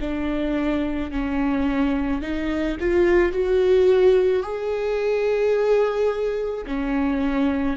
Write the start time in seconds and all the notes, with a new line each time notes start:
0.00 D4
1.11 C#4
2.21 D#4
2.79 F4
3.32 F#4
4.42 G#4
6.66 C#4